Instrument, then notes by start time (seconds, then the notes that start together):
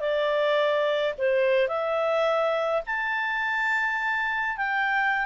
clarinet
0.00 D5
1.18 C5
1.68 E5
2.86 A5
4.57 G5